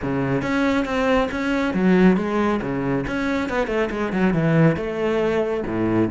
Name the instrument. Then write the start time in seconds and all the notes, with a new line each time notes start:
cello
0.02 C#3
0.42 C#4
0.85 C4
1.31 C#4
1.74 F#3
2.16 G#3
2.61 C#3
3.07 C#4
3.49 B3
3.67 A3
3.90 G#3
4.12 F#3
4.33 E3
4.76 A3
5.66 A2